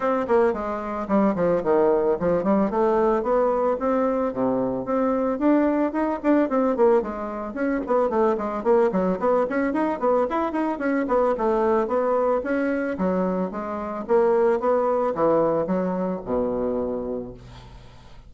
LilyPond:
\new Staff \with { instrumentName = "bassoon" } { \time 4/4 \tempo 4 = 111 c'8 ais8 gis4 g8 f8 dis4 | f8 g8 a4 b4 c'4 | c4 c'4 d'4 dis'8 d'8 | c'8 ais8 gis4 cis'8 b8 a8 gis8 |
ais8 fis8 b8 cis'8 dis'8 b8 e'8 dis'8 | cis'8 b8 a4 b4 cis'4 | fis4 gis4 ais4 b4 | e4 fis4 b,2 | }